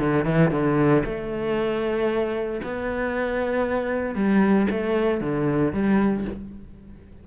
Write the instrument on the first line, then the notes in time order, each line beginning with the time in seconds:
cello
0.00 D3
0.25 E3
0.51 D3
1.05 A3
2.63 B3
4.15 G3
4.71 A3
5.21 D3
5.73 G3